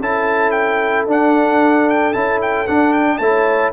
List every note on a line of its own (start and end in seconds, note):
0.00 1.06 C#4
0.00 1.08 E4
0.00 3.19 A4
0.00 0.51 A5
0.51 1.04 G5
1.07 2.13 D4
1.07 1.89 F#5
1.89 2.13 G5
2.13 2.68 C#4
2.13 2.66 E4
2.13 2.39 A5
2.41 2.67 G5
2.67 3.20 D4
2.67 3.18 D4
2.67 2.93 F#5
2.93 3.17 G5
3.17 3.71 A3
3.17 3.72 E4
3.17 3.72 C#5
3.17 3.70 A5